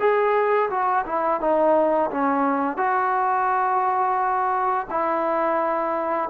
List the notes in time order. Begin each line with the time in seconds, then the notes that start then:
0.00 G#4
0.70 F#4
1.06 E4
1.41 D#4
2.11 C#4
2.77 F#4
4.90 E4